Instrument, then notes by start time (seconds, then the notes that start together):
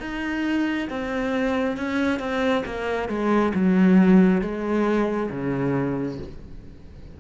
cello
0.00 D#4
0.89 C4
1.77 C#4
2.19 C4
2.66 A#3
3.08 G#3
3.54 F#3
4.42 G#3
5.31 C#3